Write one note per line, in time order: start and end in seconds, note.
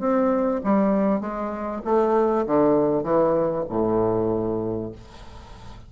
0.00 0.61 C4
0.64 1.21 G3
1.21 1.82 G#3
1.85 2.46 A3
2.46 3.04 D3
3.04 3.65 E3
3.70 4.92 A2